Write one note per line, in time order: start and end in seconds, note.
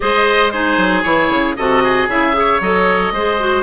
0.00 0.77 G#3
0.00 0.52 G#4
0.00 0.52 C5
0.00 0.51 D#5
0.51 1.03 D#4
0.51 1.57 G#4
0.51 1.03 C5
0.77 1.03 F#3
1.03 1.29 E3
1.03 1.55 E4
1.03 1.55 C#5
1.29 1.55 C#3
1.56 2.07 C3
1.56 2.09 F#4
1.56 1.83 A4
1.56 2.08 D#5
1.83 2.35 G#4
2.07 2.60 C#3
2.07 2.33 E4
2.07 2.61 E5
2.33 2.59 G#4
2.33 3.13 C#5
2.60 3.11 F#3
2.60 3.14 A4
2.60 3.63 D#5
3.11 3.63 G#3
3.11 3.39 G#4
3.11 3.63 C5
3.39 3.63 F#4